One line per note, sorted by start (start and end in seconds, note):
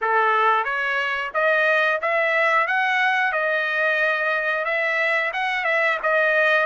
0.01 0.64 A4
0.64 1.31 C#5
1.34 2.00 D#5
2.01 2.67 E5
2.67 3.32 F#5
3.32 4.65 D#5
4.65 5.31 E5
5.33 5.64 F#5
5.64 5.98 E5
6.02 6.66 D#5